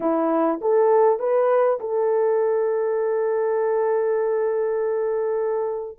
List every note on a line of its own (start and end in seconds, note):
0.00 0.60 E4
0.61 1.19 A4
1.19 1.79 B4
1.80 5.98 A4